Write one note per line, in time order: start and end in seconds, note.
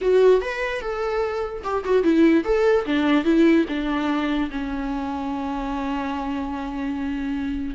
0.01 0.41 F#4
0.41 0.81 B4
0.81 1.63 A4
1.63 1.84 G4
1.84 2.03 F#4
2.03 2.44 E4
2.44 2.85 A4
2.85 3.24 D4
3.24 3.65 E4
3.68 4.50 D4
4.51 7.75 C#4